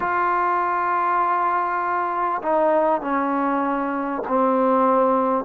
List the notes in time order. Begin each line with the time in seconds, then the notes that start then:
0.00 F4
2.42 D#4
3.01 C#4
4.28 C4